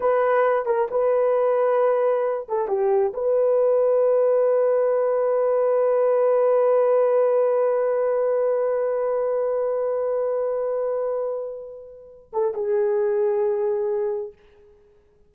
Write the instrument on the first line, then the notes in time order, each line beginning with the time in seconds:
horn
0.00 B4
0.65 A#4
0.90 B4
2.48 A4
2.67 G4
3.13 B4
12.32 A4
12.54 G#4